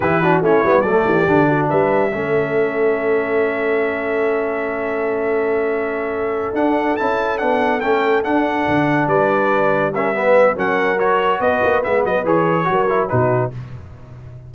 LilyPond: <<
  \new Staff \with { instrumentName = "trumpet" } { \time 4/4 \tempo 4 = 142 b'4 cis''4 d''2 | e''1~ | e''1~ | e''2.~ e''8 fis''8~ |
fis''8 a''4 fis''4 g''4 fis''8~ | fis''4. d''2 e''8~ | e''4 fis''4 cis''4 dis''4 | e''8 dis''8 cis''2 b'4 | }
  \new Staff \with { instrumentName = "horn" } { \time 4/4 g'8 fis'8 e'4 a'8 g'4 fis'8 | b'4 a'2.~ | a'1~ | a'1~ |
a'1~ | a'4. b'2 ais'8 | b'4 ais'2 b'4~ | b'2 ais'4 fis'4 | }
  \new Staff \with { instrumentName = "trombone" } { \time 4/4 e'8 d'8 cis'8 b8 a4 d'4~ | d'4 cis'2.~ | cis'1~ | cis'2.~ cis'8 d'8~ |
d'8 e'4 d'4 cis'4 d'8~ | d'2.~ d'8 cis'8 | b4 cis'4 fis'2 | b4 gis'4 fis'8 e'8 dis'4 | }
  \new Staff \with { instrumentName = "tuba" } { \time 4/4 e4 a8 g8 fis8 e8 d4 | g4 a2.~ | a1~ | a2.~ a8 d'8~ |
d'8 cis'4 b4 a4 d'8~ | d'8 d4 g2~ g8~ | g4 fis2 b8 ais8 | gis8 fis8 e4 fis4 b,4 | }
>>